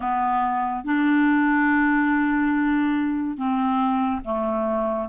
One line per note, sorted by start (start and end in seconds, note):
0.00 0.84 B3
0.84 3.36 D4
3.36 4.21 C4
4.24 5.08 A3